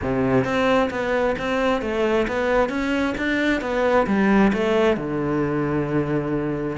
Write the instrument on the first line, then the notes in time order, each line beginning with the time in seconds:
cello
0.01 C3
0.44 C4
0.90 B3
1.38 C4
1.81 A3
2.27 B3
2.69 C#4
3.17 D4
3.61 B3
4.07 G3
4.53 A3
4.96 D3